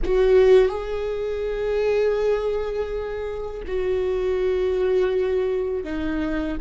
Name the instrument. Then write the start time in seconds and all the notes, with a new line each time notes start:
viola
0.04 F#4
0.69 G#4
3.67 F#4
5.84 D#4